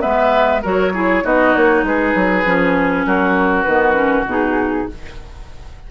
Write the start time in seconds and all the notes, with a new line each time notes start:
0.00 G#3 B3 B4 E5
0.62 F#3 F#4 A#4 C#5
0.93 E4 G#4
1.23 B3 D#4 F#4 D#5
1.55 A#3 C#5
1.83 G#3 G#4 B4
2.14 F#3
2.45 F3 C#4
3.05 F#3 F#4 A#4
3.63 D#3 B3 B4
3.94 C#4
4.25 B2 D#4 G#4